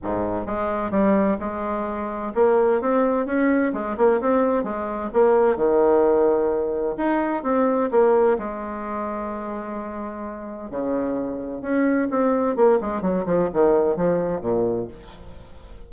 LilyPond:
\new Staff \with { instrumentName = "bassoon" } { \time 4/4 \tempo 4 = 129 gis,4 gis4 g4 gis4~ | gis4 ais4 c'4 cis'4 | gis8 ais8 c'4 gis4 ais4 | dis2. dis'4 |
c'4 ais4 gis2~ | gis2. cis4~ | cis4 cis'4 c'4 ais8 gis8 | fis8 f8 dis4 f4 ais,4 | }